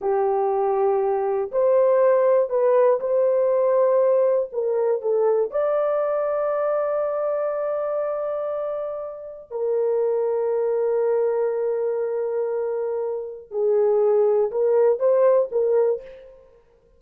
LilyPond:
\new Staff \with { instrumentName = "horn" } { \time 4/4 \tempo 4 = 120 g'2. c''4~ | c''4 b'4 c''2~ | c''4 ais'4 a'4 d''4~ | d''1~ |
d''2. ais'4~ | ais'1~ | ais'2. gis'4~ | gis'4 ais'4 c''4 ais'4 | }